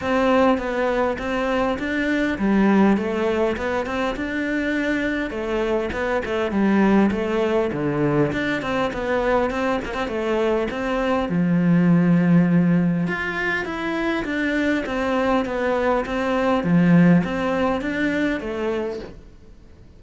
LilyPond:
\new Staff \with { instrumentName = "cello" } { \time 4/4 \tempo 4 = 101 c'4 b4 c'4 d'4 | g4 a4 b8 c'8 d'4~ | d'4 a4 b8 a8 g4 | a4 d4 d'8 c'8 b4 |
c'8 ais16 c'16 a4 c'4 f4~ | f2 f'4 e'4 | d'4 c'4 b4 c'4 | f4 c'4 d'4 a4 | }